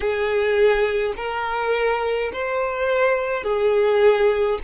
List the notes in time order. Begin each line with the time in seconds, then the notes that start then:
0.00 G#4
1.16 A#4
2.32 C5
3.43 G#4